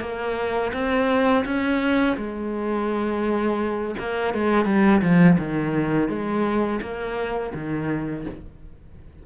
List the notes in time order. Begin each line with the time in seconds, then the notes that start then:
0.00 A#3
0.73 C4
1.45 C#4
2.16 G#3
3.98 A#3
4.33 G#3
4.65 G3
5.01 F3
5.38 D#3
6.08 G#3
6.81 A#3
7.54 D#3